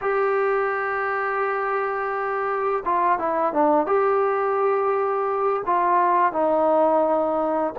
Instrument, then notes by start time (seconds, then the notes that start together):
trombone
0.01 G4
2.85 F4
3.18 E4
3.53 D4
3.86 G4
5.65 F4
6.32 D#4